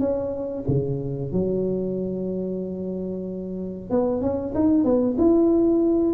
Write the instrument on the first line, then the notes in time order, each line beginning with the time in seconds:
tuba
0.00 C#4
0.68 C#3
1.33 F#3
3.91 B3
4.22 C#4
4.55 D#4
4.84 B3
5.18 E4